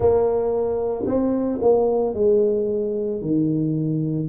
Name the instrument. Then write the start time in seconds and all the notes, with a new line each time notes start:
tuba
0.00 A#3
1.06 C4
1.61 A#3
2.14 G#3
3.21 D#3